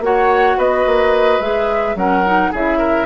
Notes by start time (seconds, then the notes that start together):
0.00 A#3 F#4 C#5 F#5
0.58 B3 B4 D#5
0.86 A#3
1.40 G#3 G#4 E5
1.95 F#3 C#4 A#4 F#5
2.26 D#4
2.52 C#3 E4 G#4 E5
2.78 A#4